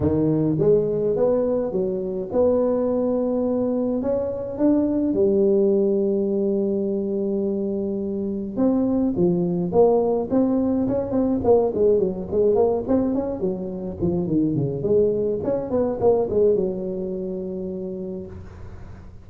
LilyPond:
\new Staff \with { instrumentName = "tuba" } { \time 4/4 \tempo 4 = 105 dis4 gis4 b4 fis4 | b2. cis'4 | d'4 g2.~ | g2. c'4 |
f4 ais4 c'4 cis'8 c'8 | ais8 gis8 fis8 gis8 ais8 c'8 cis'8 fis8~ | fis8 f8 dis8 cis8 gis4 cis'8 b8 | ais8 gis8 fis2. | }